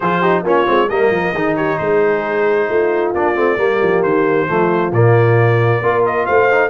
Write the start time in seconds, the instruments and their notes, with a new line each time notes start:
0.00 tuba F3, trombone F4, horn G#4, trumpet C5
0.20 trombone D#4, horn G4
0.43 tuba A#3, trombone C#4, horn F4, trumpet C#5
0.65 tuba G#3, trombone C4
0.89 tuba G3, trombone A#3, horn A#4, trumpet D#5
1.10 tuba F3
1.33 tuba D#3, trombone D#4, horn G#4
1.56 horn G4, trumpet C#5
1.78 tuba G#3, horn G#4, trumpet C5
2.68 tuba A3, horn F4
3.14 tuba A#3, trombone D4, trumpet D5
3.35 tuba A3, trombone C4
3.57 tuba G3, trombone A#3, horn G4
3.82 tuba F3
4.02 tuba D#3, trumpet C5
4.47 tuba F3, trombone A3, horn F4
4.92 tuba A#2, trombone A#3, trumpet D5
5.81 tuba A#3, trombone F4, horn A#4
6.05 trumpet D#5
6.25 tuba A3, horn C5, trumpet F5
6.50 trombone D#4